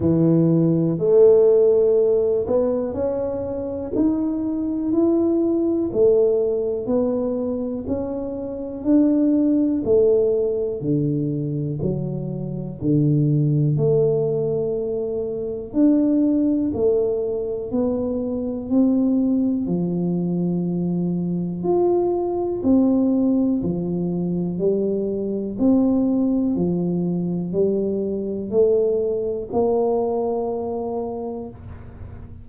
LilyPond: \new Staff \with { instrumentName = "tuba" } { \time 4/4 \tempo 4 = 61 e4 a4. b8 cis'4 | dis'4 e'4 a4 b4 | cis'4 d'4 a4 d4 | fis4 d4 a2 |
d'4 a4 b4 c'4 | f2 f'4 c'4 | f4 g4 c'4 f4 | g4 a4 ais2 | }